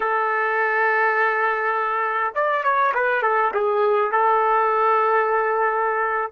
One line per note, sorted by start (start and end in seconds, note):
0.00 2.33 A4
2.34 2.63 D5
2.63 2.93 C#5
2.94 3.22 B4
3.22 3.51 A4
3.53 4.11 G#4
4.11 6.32 A4